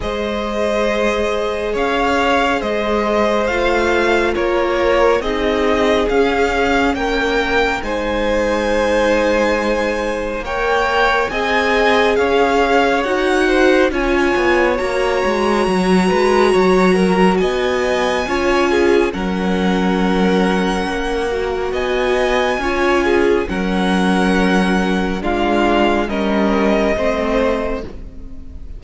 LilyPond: <<
  \new Staff \with { instrumentName = "violin" } { \time 4/4 \tempo 4 = 69 dis''2 f''4 dis''4 | f''4 cis''4 dis''4 f''4 | g''4 gis''2. | g''4 gis''4 f''4 fis''4 |
gis''4 ais''2. | gis''2 fis''2~ | fis''4 gis''2 fis''4~ | fis''4 f''4 dis''2 | }
  \new Staff \with { instrumentName = "violin" } { \time 4/4 c''2 cis''4 c''4~ | c''4 ais'4 gis'2 | ais'4 c''2. | cis''4 dis''4 cis''4. c''8 |
cis''2~ cis''8 b'8 cis''8 ais'8 | dis''4 cis''8 gis'8 ais'2~ | ais'4 dis''4 cis''8 gis'8 ais'4~ | ais'4 f'4 ais'4 c''4 | }
  \new Staff \with { instrumentName = "viola" } { \time 4/4 gis'1 | f'2 dis'4 cis'4~ | cis'4 dis'2. | ais'4 gis'2 fis'4 |
f'4 fis'2.~ | fis'4 f'4 cis'2~ | cis'8 fis'4. f'4 cis'4~ | cis'4 d'4 cis'4 c'4 | }
  \new Staff \with { instrumentName = "cello" } { \time 4/4 gis2 cis'4 gis4 | a4 ais4 c'4 cis'4 | ais4 gis2. | ais4 c'4 cis'4 dis'4 |
cis'8 b8 ais8 gis8 fis8 gis8 fis4 | b4 cis'4 fis2 | ais4 b4 cis'4 fis4~ | fis4 gis4 g4 a4 | }
>>